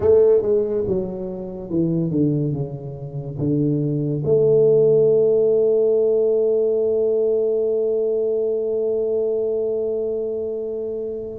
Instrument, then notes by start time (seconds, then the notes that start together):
tuba
0.00 A3
0.42 G#3
0.87 F#3
1.69 E3
2.10 D3
2.52 C#3
3.38 D3
4.24 A3